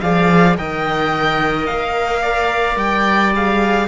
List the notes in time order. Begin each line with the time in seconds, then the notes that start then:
0.00 F3 G#4 D5 F5
0.57 D#3 A#4 D#5 G5
1.66 A#3 F5
2.21 D5
2.76 G3 G5
3.34 G#4 F5